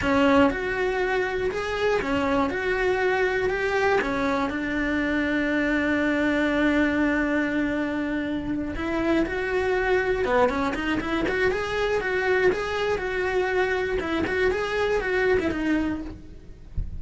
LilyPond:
\new Staff \with { instrumentName = "cello" } { \time 4/4 \tempo 4 = 120 cis'4 fis'2 gis'4 | cis'4 fis'2 g'4 | cis'4 d'2.~ | d'1~ |
d'4. e'4 fis'4.~ | fis'8 b8 cis'8 dis'8 e'8 fis'8 gis'4 | fis'4 gis'4 fis'2 | e'8 fis'8 gis'4 fis'8. e'16 dis'4 | }